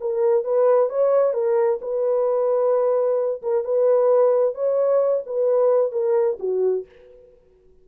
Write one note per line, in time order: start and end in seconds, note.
0.00 0.44 A#4
0.44 0.89 B4
0.89 1.33 C#5
1.33 1.79 A#4
1.81 3.41 B4
3.42 3.64 A#4
3.64 4.54 B4
4.54 5.23 C#5
5.26 5.91 B4
5.91 6.37 A#4
6.39 6.85 F#4